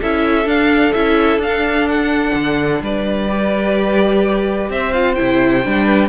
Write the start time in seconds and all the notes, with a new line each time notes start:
0.00 C#4 E4 A4 E5
0.46 D4 F5
0.92 C#4 E4 E5
1.37 D4 F5
1.45 D4
1.88 F#5
2.34 D3
2.81 G3 B4 D5
3.27 G4
4.69 C4 C5 E5
4.93 F4 F5
5.15 C3 E4 G5
5.64 G3 D4
5.85 B4